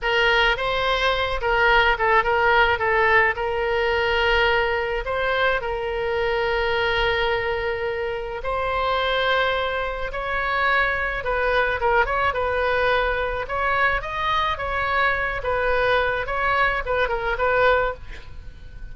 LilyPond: \new Staff \with { instrumentName = "oboe" } { \time 4/4 \tempo 4 = 107 ais'4 c''4. ais'4 a'8 | ais'4 a'4 ais'2~ | ais'4 c''4 ais'2~ | ais'2. c''4~ |
c''2 cis''2 | b'4 ais'8 cis''8 b'2 | cis''4 dis''4 cis''4. b'8~ | b'4 cis''4 b'8 ais'8 b'4 | }